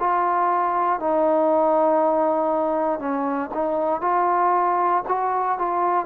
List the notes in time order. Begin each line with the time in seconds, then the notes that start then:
0.00 F4
1.00 D#4
2.99 C#4
3.54 D#4
4.02 F4
5.08 F#4
5.59 F4